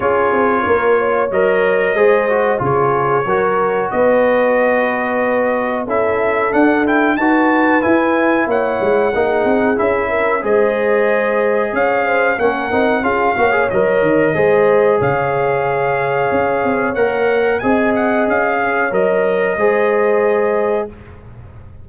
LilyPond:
<<
  \new Staff \with { instrumentName = "trumpet" } { \time 4/4 \tempo 4 = 92 cis''2 dis''2 | cis''2 dis''2~ | dis''4 e''4 fis''8 g''8 a''4 | gis''4 fis''2 e''4 |
dis''2 f''4 fis''4 | f''4 dis''2 f''4~ | f''2 fis''4 gis''8 fis''8 | f''4 dis''2. | }
  \new Staff \with { instrumentName = "horn" } { \time 4/4 gis'4 ais'8 cis''4. c''4 | gis'4 ais'4 b'2~ | b'4 a'2 b'4~ | b'4 cis''4 gis'4. ais'8 |
c''2 cis''8 c''8 ais'4 | gis'8 cis''4. c''4 cis''4~ | cis''2. dis''4~ | dis''8 cis''4. c''2 | }
  \new Staff \with { instrumentName = "trombone" } { \time 4/4 f'2 ais'4 gis'8 fis'8 | f'4 fis'2.~ | fis'4 e'4 d'8 e'8 fis'4 | e'2 dis'4 e'4 |
gis'2. cis'8 dis'8 | f'8 fis'16 gis'16 ais'4 gis'2~ | gis'2 ais'4 gis'4~ | gis'4 ais'4 gis'2 | }
  \new Staff \with { instrumentName = "tuba" } { \time 4/4 cis'8 c'8 ais4 fis4 gis4 | cis4 fis4 b2~ | b4 cis'4 d'4 dis'4 | e'4 ais8 gis8 ais8 c'8 cis'4 |
gis2 cis'4 ais8 c'8 | cis'8 ais8 fis8 dis8 gis4 cis4~ | cis4 cis'8 c'8 ais4 c'4 | cis'4 fis4 gis2 | }
>>